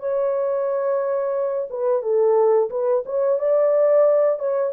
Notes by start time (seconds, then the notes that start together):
0.00 C#5
1.70 B4
2.03 A4
2.70 B4
3.06 C#5
3.39 D5
4.39 C#5